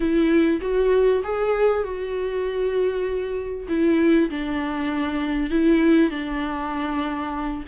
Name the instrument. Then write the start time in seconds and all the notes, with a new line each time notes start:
viola
0.00 E4
0.61 F#4
1.23 G#4
1.83 F#4
3.68 E4
4.30 D4
5.50 E4
6.10 D4